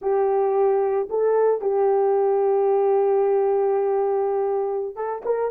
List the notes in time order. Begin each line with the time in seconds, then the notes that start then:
0.01 G4
1.09 A4
1.61 G4
4.95 A4
5.25 A#4